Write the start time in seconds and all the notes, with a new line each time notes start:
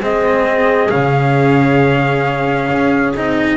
0.00 G#3 C4 G#4 D#5
0.89 C#3 C#4 F5
2.72 C#4
3.15 C4 D#4 D#5